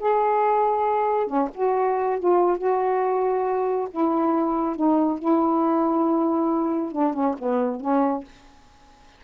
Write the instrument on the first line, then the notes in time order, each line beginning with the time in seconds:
saxophone
0.00 G#4
1.27 C#4
1.55 F#4
2.20 F4
2.58 F#4
3.91 E4
4.76 D#4
5.19 E4
6.93 D4
7.14 C#4
7.39 B3
7.81 C#4